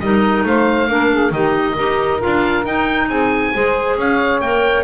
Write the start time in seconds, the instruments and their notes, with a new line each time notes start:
0.00 double bass G3, clarinet D#4, saxophone A#4, oboe D#5
0.45 double bass A3, saxophone C5, oboe F5
0.88 double bass A#3, clarinet D4, saxophone A#4
1.11 saxophone G#4
1.31 double bass D#3, clarinet D#4, saxophone G4, oboe D#5
1.75 double bass D#4, clarinet G4, saxophone A#4
2.20 double bass D4, clarinet F4, oboe F5
2.65 clarinet D#4, double bass D#4, oboe G5
3.09 double bass C4, saxophone G#4, oboe G#5
3.55 double bass G#3, clarinet G#4, saxophone C5
3.97 double bass C#4, saxophone C#5, oboe F5
4.41 double bass A#3, clarinet A#4, oboe G5